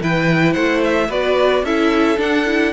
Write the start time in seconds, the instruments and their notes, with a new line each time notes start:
0.00 cello E3, viola E4, violin B4 G5
0.52 cello A3, violin C5 F#5
0.84 violin E5
1.08 cello B3, viola F#4, violin B4 D5
1.63 cello C#4, viola E4, violin A4 E5
2.17 viola D4, cello D4, violin F#5
2.45 viola E4